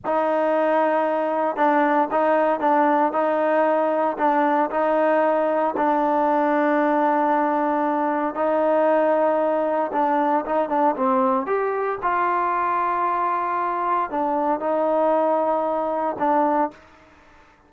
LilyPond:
\new Staff \with { instrumentName = "trombone" } { \time 4/4 \tempo 4 = 115 dis'2. d'4 | dis'4 d'4 dis'2 | d'4 dis'2 d'4~ | d'1 |
dis'2. d'4 | dis'8 d'8 c'4 g'4 f'4~ | f'2. d'4 | dis'2. d'4 | }